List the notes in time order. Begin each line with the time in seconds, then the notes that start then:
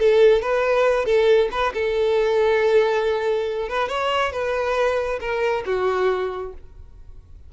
0.00 A4
0.42 B4
1.06 A4
1.52 B4
1.74 A4
3.70 B4
3.89 C#5
4.33 B4
5.21 A#4
5.66 F#4